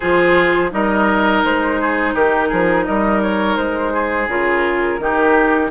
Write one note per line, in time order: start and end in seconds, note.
0.00 0.72 F3
0.00 0.70 F4
0.00 0.70 G#4
0.00 0.72 C5
0.70 1.43 G3
0.70 4.27 D#4
0.70 1.81 A#4
0.70 1.43 D#5
1.44 2.14 G#3
1.44 2.14 C5
1.81 2.14 G#4
2.14 2.50 D#3
2.14 2.48 G4
2.14 2.85 A#4
2.48 2.87 F3
2.48 2.84 G#4
2.85 3.57 G3
2.85 3.93 A#4
2.85 3.21 D#5
3.22 3.56 C#5
3.56 4.27 G#3
3.56 4.28 C5
3.93 5.00 G#4
4.27 4.99 C#3
4.27 4.99 F4
4.27 5.71 A#4
4.99 5.70 D#3
4.99 5.71 D#4
4.99 5.71 G4